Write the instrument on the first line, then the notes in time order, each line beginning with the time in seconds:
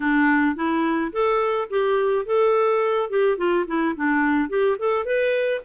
clarinet
0.00 D4
0.55 E4
1.12 A4
1.70 G4
2.25 A4
3.09 G4
3.37 F4
3.67 E4
3.96 D4
4.49 G4
4.78 A4
5.05 B4